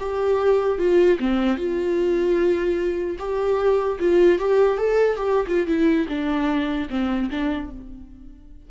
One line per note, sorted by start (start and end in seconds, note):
0.00 0.79 G4
0.79 1.19 F4
1.20 1.57 C4
1.57 3.17 F4
3.19 3.99 G4
4.00 4.39 F4
4.39 4.78 G4
4.78 5.17 A4
5.17 5.47 G4
5.48 5.67 F4
5.67 6.07 E4
6.09 6.89 D4
6.90 7.30 C4
7.31 7.71 D4